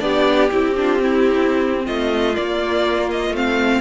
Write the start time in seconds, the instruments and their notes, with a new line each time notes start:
0.00 cello B3, viola D4, violin G4 D5
0.51 cello C4, viola E4, violin G4
0.76 viola D4, violin F4
0.99 viola C4, violin E4
1.85 cello A3, violin F4 D#5
2.34 viola A#3, cello A#3, violin D5
3.11 violin D#5
3.30 cello A3, viola C4
3.36 violin F5